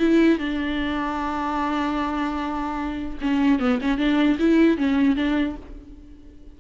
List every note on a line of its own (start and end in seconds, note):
0.00 0.39 E4
0.39 3.19 D4
3.22 3.60 C#4
3.60 3.80 B3
3.82 3.98 C#4
3.98 4.38 D4
4.39 4.78 E4
4.78 5.16 C#4
5.16 5.56 D4